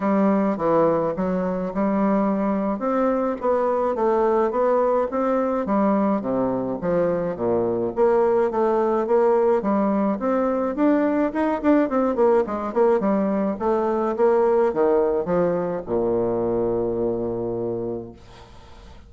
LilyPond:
\new Staff \with { instrumentName = "bassoon" } { \time 4/4 \tempo 4 = 106 g4 e4 fis4 g4~ | g4 c'4 b4 a4 | b4 c'4 g4 c4 | f4 ais,4 ais4 a4 |
ais4 g4 c'4 d'4 | dis'8 d'8 c'8 ais8 gis8 ais8 g4 | a4 ais4 dis4 f4 | ais,1 | }